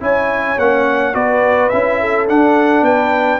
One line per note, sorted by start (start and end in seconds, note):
0.00 0.57 C#4
0.00 0.57 E4
0.00 1.16 C#5
0.00 0.58 G#5
0.58 1.14 A#3
0.58 1.13 C#4
0.58 1.14 F#5
1.13 1.71 B3
1.13 1.70 F#4
1.13 2.00 B4
1.13 1.69 D5
1.69 2.29 C#4
1.69 2.28 E4
1.69 2.25 E5
2.00 2.84 A4
2.28 3.40 D4
2.28 2.82 D4
2.28 2.84 F#5
2.82 3.38 B3
2.82 3.40 B4
2.82 3.40 G5